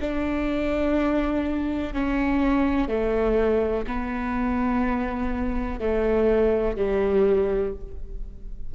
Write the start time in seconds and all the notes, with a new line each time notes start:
0.00 D4
1.93 C#4
2.88 A3
3.87 B3
5.79 A3
6.76 G3